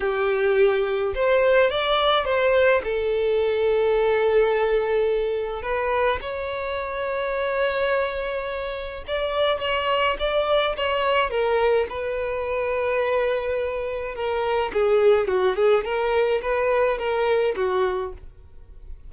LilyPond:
\new Staff \with { instrumentName = "violin" } { \time 4/4 \tempo 4 = 106 g'2 c''4 d''4 | c''4 a'2.~ | a'2 b'4 cis''4~ | cis''1 |
d''4 cis''4 d''4 cis''4 | ais'4 b'2.~ | b'4 ais'4 gis'4 fis'8 gis'8 | ais'4 b'4 ais'4 fis'4 | }